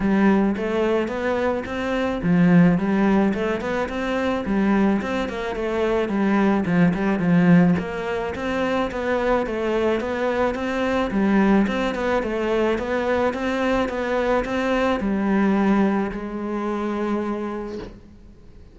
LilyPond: \new Staff \with { instrumentName = "cello" } { \time 4/4 \tempo 4 = 108 g4 a4 b4 c'4 | f4 g4 a8 b8 c'4 | g4 c'8 ais8 a4 g4 | f8 g8 f4 ais4 c'4 |
b4 a4 b4 c'4 | g4 c'8 b8 a4 b4 | c'4 b4 c'4 g4~ | g4 gis2. | }